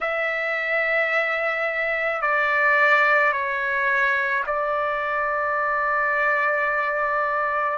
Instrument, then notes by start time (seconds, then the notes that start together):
trumpet
0.00 E5
2.21 D5
3.32 C#5
4.46 D5